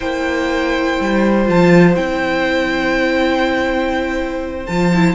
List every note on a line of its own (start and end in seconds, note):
0.00 0.99 A#3
0.00 1.45 E4
0.00 5.14 C5
0.00 1.46 G5
1.00 1.49 G3
1.45 1.96 F3
1.45 1.94 F4
1.45 1.95 A5
1.94 4.67 C4
1.94 4.65 E4
1.94 4.66 G5
4.66 5.14 F3
4.66 4.92 F4
4.66 5.14 A5
4.94 5.14 E4